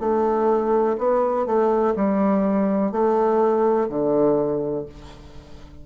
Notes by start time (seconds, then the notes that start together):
0.00 A3
0.98 B3
1.46 A3
1.95 G3
2.92 A3
3.89 D3